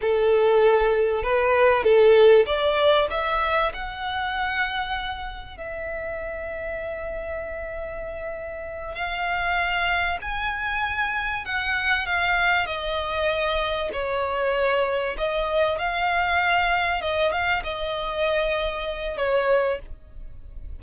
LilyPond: \new Staff \with { instrumentName = "violin" } { \time 4/4 \tempo 4 = 97 a'2 b'4 a'4 | d''4 e''4 fis''2~ | fis''4 e''2.~ | e''2~ e''8 f''4.~ |
f''8 gis''2 fis''4 f''8~ | f''8 dis''2 cis''4.~ | cis''8 dis''4 f''2 dis''8 | f''8 dis''2~ dis''8 cis''4 | }